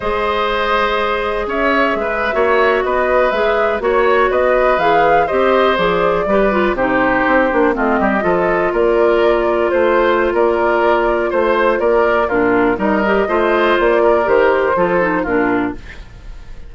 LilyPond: <<
  \new Staff \with { instrumentName = "flute" } { \time 4/4 \tempo 4 = 122 dis''2. e''4~ | e''4.~ e''16 dis''4 e''4 cis''16~ | cis''8. dis''4 f''4 dis''4 d''16~ | d''4.~ d''16 c''2 dis''16~ |
dis''4.~ dis''16 d''2 c''16~ | c''4 d''2 c''4 | d''4 ais'4 dis''2 | d''4 c''2 ais'4 | }
  \new Staff \with { instrumentName = "oboe" } { \time 4/4 c''2. cis''4 | b'8. cis''4 b'2 cis''16~ | cis''8. b'2 c''4~ c''16~ | c''8. b'4 g'2 f'16~ |
f'16 g'8 a'4 ais'2 c''16~ | c''4 ais'2 c''4 | ais'4 f'4 ais'4 c''4~ | c''8 ais'4. a'4 f'4 | }
  \new Staff \with { instrumentName = "clarinet" } { \time 4/4 gis'1~ | gis'8. fis'2 gis'4 fis'16~ | fis'4.~ fis'16 gis'4 g'4 gis'16~ | gis'8. g'8 f'8 dis'4. d'8 c'16~ |
c'8. f'2.~ f'16~ | f'1~ | f'4 d'4 dis'8 g'8 f'4~ | f'4 g'4 f'8 dis'8 d'4 | }
  \new Staff \with { instrumentName = "bassoon" } { \time 4/4 gis2. cis'4 | gis8. ais4 b4 gis4 ais16~ | ais8. b4 e4 c'4 f16~ | f8. g4 c4 c'8 ais8 a16~ |
a16 g8 f4 ais2 a16~ | a4 ais2 a4 | ais4 ais,4 g4 a4 | ais4 dis4 f4 ais,4 | }
>>